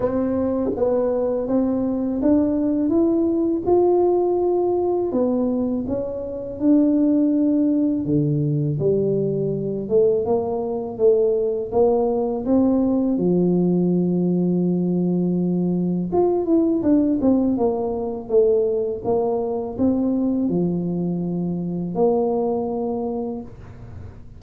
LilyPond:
\new Staff \with { instrumentName = "tuba" } { \time 4/4 \tempo 4 = 82 c'4 b4 c'4 d'4 | e'4 f'2 b4 | cis'4 d'2 d4 | g4. a8 ais4 a4 |
ais4 c'4 f2~ | f2 f'8 e'8 d'8 c'8 | ais4 a4 ais4 c'4 | f2 ais2 | }